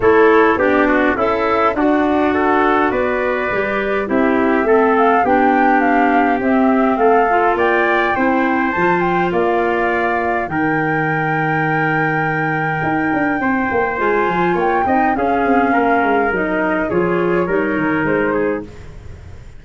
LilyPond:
<<
  \new Staff \with { instrumentName = "flute" } { \time 4/4 \tempo 4 = 103 cis''4 d''4 e''4 fis''4~ | fis''4 d''2 e''4~ | e''8 f''8 g''4 f''4 e''4 | f''4 g''2 a''8 g''8 |
f''2 g''2~ | g''1 | gis''4 g''4 f''2 | dis''4 cis''2 c''4 | }
  \new Staff \with { instrumentName = "trumpet" } { \time 4/4 a'4 g'8 fis'8 e'4 d'4 | a'4 b'2 g'4 | a'4 g'2. | a'4 d''4 c''2 |
d''2 ais'2~ | ais'2. c''4~ | c''4 cis''8 dis''8 gis'4 ais'4~ | ais'4 gis'4 ais'4. gis'8 | }
  \new Staff \with { instrumentName = "clarinet" } { \time 4/4 e'4 d'4 a'4 fis'4~ | fis'2 g'4 e'4 | c'4 d'2 c'4~ | c'8 f'4. e'4 f'4~ |
f'2 dis'2~ | dis'1 | f'4. dis'8 cis'2 | dis'4 f'4 dis'2 | }
  \new Staff \with { instrumentName = "tuba" } { \time 4/4 a4 b4 cis'4 d'4~ | d'4 b4 g4 c'4 | a4 b2 c'4 | a4 ais4 c'4 f4 |
ais2 dis2~ | dis2 dis'8 d'8 c'8 ais8 | gis8 f8 ais8 c'8 cis'8 c'8 ais8 gis8 | fis4 f4 g8 dis8 gis4 | }
>>